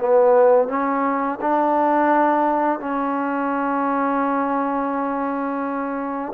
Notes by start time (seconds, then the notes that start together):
0.00 B3
0.69 C#4
1.41 D4
2.80 C#4